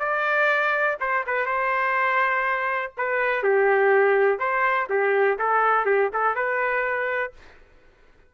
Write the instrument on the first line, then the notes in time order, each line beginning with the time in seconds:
trumpet
0.00 D5
1.01 C5
1.27 B4
1.46 C5
2.98 B4
3.43 G4
4.39 C5
4.90 G4
5.39 A4
5.86 G4
6.13 A4
6.36 B4